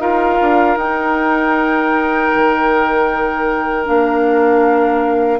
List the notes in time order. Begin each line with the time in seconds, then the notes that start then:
0.00 D#4 F4 A#4 F5
0.42 D4
0.76 D#4 G5
2.35 D#3
3.85 A#3 D4 F5